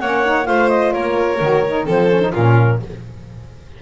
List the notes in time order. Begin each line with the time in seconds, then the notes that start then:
0.00 A#3 C#4 C#5 F#5
0.25 D#4
0.44 A3 F4 C5 F5
0.69 D#5
0.92 A#3 A#4 C#5
1.41 D#3 F#4
1.66 D#4
1.85 F3 C4 A4 C5
2.09 C#4
2.20 D#4
2.33 A#2 C#4 F4 A#4